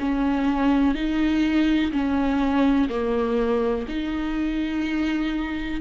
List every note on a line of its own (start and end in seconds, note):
0.00 0.95 C#4
0.95 1.92 D#4
1.92 2.89 C#4
2.89 3.86 A#3
3.88 5.81 D#4